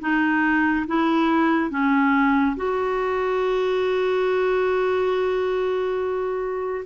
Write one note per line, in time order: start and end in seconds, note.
0.00 0.86 D#4
0.87 1.70 E4
1.70 2.56 C#4
2.56 6.85 F#4